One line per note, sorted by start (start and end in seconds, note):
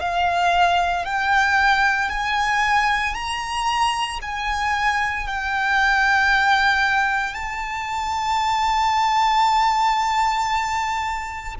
0.00 1.05 F5
1.05 2.10 G5
2.10 3.14 G#5
3.14 4.20 A#5
4.22 5.27 G#5
5.27 7.34 G5
7.34 11.55 A5